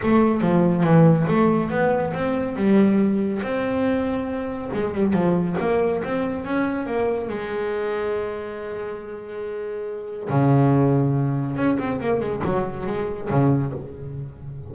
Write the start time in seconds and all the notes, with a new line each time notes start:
0.02 A3
0.41 F3
0.83 E3
1.27 A3
1.70 B3
2.13 C4
2.56 G3
3.42 C4
4.73 G#3
4.94 G3
5.13 F3
5.59 A#3
6.04 C4
6.45 C#4
6.86 A#3
7.29 G#3
10.29 C#3
11.56 C#4
11.78 C4
12.00 A#3
12.20 G#3
12.45 F#3
12.86 G#3
13.30 C#3